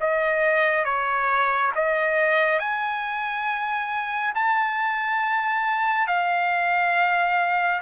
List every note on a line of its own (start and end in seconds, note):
0.00 0.85 D#5
0.85 1.72 C#5
1.75 2.59 D#5
2.59 4.33 G#5
4.34 6.07 A5
6.07 7.81 F5